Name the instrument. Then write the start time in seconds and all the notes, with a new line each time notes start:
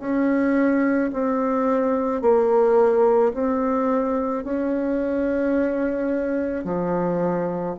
bassoon
0.00 C#4
1.13 C4
2.22 A#3
3.34 C4
4.44 C#4
6.65 F3